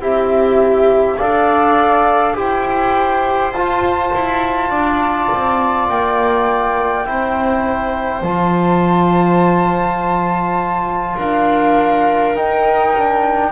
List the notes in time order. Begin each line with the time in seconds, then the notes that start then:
0.00 C4 E4 G4 E5
1.16 D4 A4 D5 F5
2.34 E4 G4 C5 G5
3.51 F4 A5
4.14 E4
4.70 D4 D5
5.33 C4
5.88 A#3 G5
7.05 C4 E4 C5
8.21 F3 F4 A5
11.16 D4 A#4 F5
12.35 D#4 G5
12.94 D4